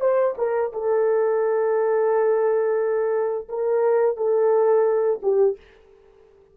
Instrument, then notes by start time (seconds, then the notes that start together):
horn
0.00 C5
0.37 A#4
0.72 A4
3.49 A#4
4.16 A4
5.22 G4